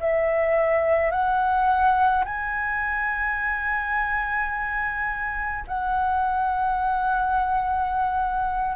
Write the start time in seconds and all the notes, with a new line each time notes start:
0.00 E5
1.11 F#5
2.25 G#5
5.67 F#5